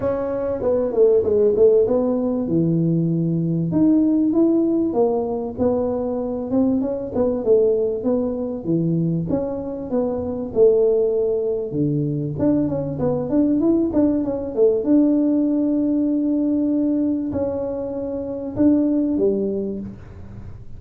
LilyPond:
\new Staff \with { instrumentName = "tuba" } { \time 4/4 \tempo 4 = 97 cis'4 b8 a8 gis8 a8 b4 | e2 dis'4 e'4 | ais4 b4. c'8 cis'8 b8 | a4 b4 e4 cis'4 |
b4 a2 d4 | d'8 cis'8 b8 d'8 e'8 d'8 cis'8 a8 | d'1 | cis'2 d'4 g4 | }